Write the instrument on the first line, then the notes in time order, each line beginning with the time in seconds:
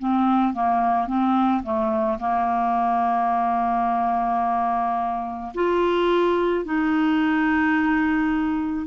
clarinet
0.00 C4
0.54 A#3
1.08 C4
1.64 A3
2.20 A#3
5.55 F4
6.65 D#4